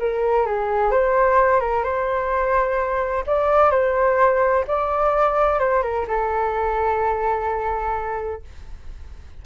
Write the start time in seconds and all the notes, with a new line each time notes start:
0.00 A#4
0.46 G#4
0.92 C5
1.61 A#4
1.84 C5
3.27 D5
3.71 C5
4.68 D5
5.60 C5
5.83 A#4
6.08 A4